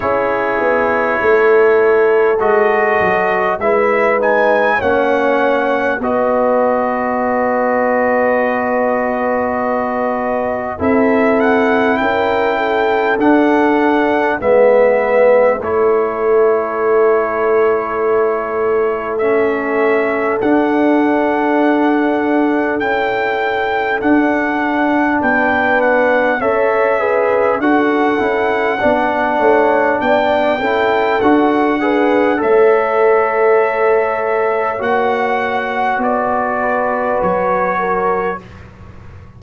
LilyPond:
<<
  \new Staff \with { instrumentName = "trumpet" } { \time 4/4 \tempo 4 = 50 cis''2 dis''4 e''8 gis''8 | fis''4 dis''2.~ | dis''4 e''8 fis''8 g''4 fis''4 | e''4 cis''2. |
e''4 fis''2 g''4 | fis''4 g''8 fis''8 e''4 fis''4~ | fis''4 g''4 fis''4 e''4~ | e''4 fis''4 d''4 cis''4 | }
  \new Staff \with { instrumentName = "horn" } { \time 4/4 gis'4 a'2 b'4 | cis''4 b'2.~ | b'4 a'4 ais'8 a'4. | b'4 a'2.~ |
a'1~ | a'4 b'4 cis''8 b'8 a'4 | d''8 cis''8 d''8 a'4 b'8 cis''4~ | cis''2~ cis''8 b'4 ais'8 | }
  \new Staff \with { instrumentName = "trombone" } { \time 4/4 e'2 fis'4 e'8 dis'8 | cis'4 fis'2.~ | fis'4 e'2 d'4 | b4 e'2. |
cis'4 d'2 e'4 | d'2 a'8 gis'8 fis'8 e'8 | d'4. e'8 fis'8 gis'8 a'4~ | a'4 fis'2. | }
  \new Staff \with { instrumentName = "tuba" } { \time 4/4 cis'8 b8 a4 gis8 fis8 gis4 | ais4 b2.~ | b4 c'4 cis'4 d'4 | gis4 a2.~ |
a4 d'2 cis'4 | d'4 b4 cis'4 d'8 cis'8 | b8 a8 b8 cis'8 d'4 a4~ | a4 ais4 b4 fis4 | }
>>